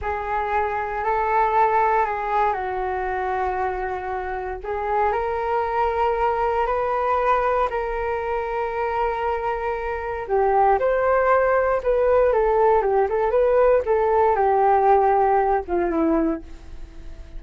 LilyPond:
\new Staff \with { instrumentName = "flute" } { \time 4/4 \tempo 4 = 117 gis'2 a'2 | gis'4 fis'2.~ | fis'4 gis'4 ais'2~ | ais'4 b'2 ais'4~ |
ais'1 | g'4 c''2 b'4 | a'4 g'8 a'8 b'4 a'4 | g'2~ g'8 f'8 e'4 | }